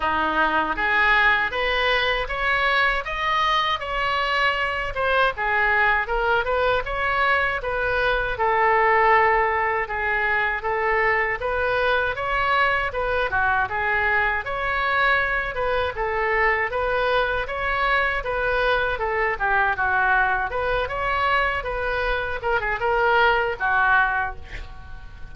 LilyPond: \new Staff \with { instrumentName = "oboe" } { \time 4/4 \tempo 4 = 79 dis'4 gis'4 b'4 cis''4 | dis''4 cis''4. c''8 gis'4 | ais'8 b'8 cis''4 b'4 a'4~ | a'4 gis'4 a'4 b'4 |
cis''4 b'8 fis'8 gis'4 cis''4~ | cis''8 b'8 a'4 b'4 cis''4 | b'4 a'8 g'8 fis'4 b'8 cis''8~ | cis''8 b'4 ais'16 gis'16 ais'4 fis'4 | }